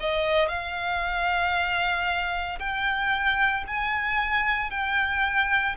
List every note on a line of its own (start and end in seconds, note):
0.00 0.48 D#5
0.48 2.59 F5
2.59 3.65 G5
3.67 4.70 G#5
4.70 5.76 G5